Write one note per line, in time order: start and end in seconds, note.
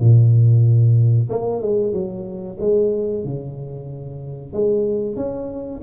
0.00 1.29 A#2
1.30 1.62 A#3
1.62 1.93 G#3
1.93 2.57 F#3
2.60 3.24 G#3
3.24 4.53 C#3
4.53 5.16 G#3
5.16 5.81 C#4